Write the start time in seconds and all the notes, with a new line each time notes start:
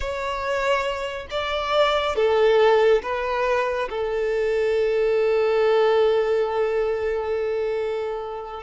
0.00 C#5
1.30 D5
2.15 A4
3.02 B4
3.89 A4